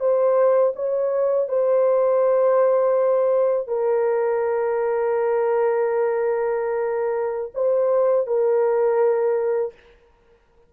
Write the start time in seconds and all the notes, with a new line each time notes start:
0.00 C5
0.75 C#5
1.48 C5
3.68 A#4
7.54 C5
8.27 A#4